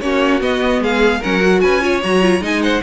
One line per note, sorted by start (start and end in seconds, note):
0.00 0.41 A#3
0.00 0.41 C#4
0.00 0.83 F#4
0.00 0.40 C#5
0.41 1.21 B3
0.41 0.79 B3
0.41 0.83 D#5
0.79 1.19 G#3
0.79 1.20 G#4
0.79 1.23 F5
1.20 1.62 F#3
1.20 1.40 C#4
1.20 1.60 A#4
1.20 1.60 F#5
1.40 1.80 F#4
1.60 2.03 C#4
1.60 1.82 B4
1.60 2.00 G#5
1.81 2.01 F4
1.81 2.42 C#5
2.03 2.40 F#3
2.03 2.21 F#4
2.03 2.43 A#5
2.21 2.40 F4
2.40 2.81 G#3
2.40 2.81 D#4
2.40 2.62 D#5
2.40 2.62 G#5
2.62 2.83 C5
2.62 2.82 F#5